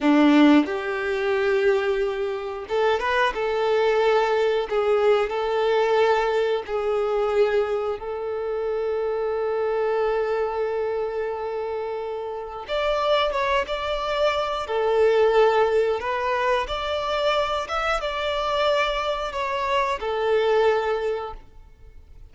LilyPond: \new Staff \with { instrumentName = "violin" } { \time 4/4 \tempo 4 = 90 d'4 g'2. | a'8 b'8 a'2 gis'4 | a'2 gis'2 | a'1~ |
a'2. d''4 | cis''8 d''4. a'2 | b'4 d''4. e''8 d''4~ | d''4 cis''4 a'2 | }